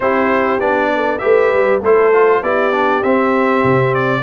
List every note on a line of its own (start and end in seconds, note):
0.00 0.60 C4
0.00 0.60 E4
0.00 0.92 G4
0.00 0.60 C5
0.60 1.20 B3
0.60 1.20 D4
0.60 1.18 D5
0.95 1.21 A4
1.18 1.53 A3
1.18 1.80 G4
1.18 1.81 B4
1.18 1.79 E5
1.53 1.81 G3
1.81 2.41 A3
1.81 2.13 E4
1.81 2.41 A4
1.81 2.43 C5
2.13 2.43 F4
2.41 3.03 B3
2.41 2.72 E4
2.41 4.22 G4
2.41 3.03 D5
2.72 3.02 D4
3.03 3.63 C4
3.03 4.22 C4
3.03 3.94 E5
3.64 4.22 C3
3.94 4.22 D5